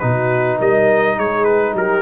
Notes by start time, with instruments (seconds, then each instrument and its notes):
0.00 tuba B2, trombone D#4, horn F#4, trumpet B4
0.58 tuba G3, horn A#4, trumpet D#5
1.17 tuba G#3, horn G#4, trumpet C#5
1.45 trumpet B4
1.74 tuba F#3, horn G4, trumpet A#4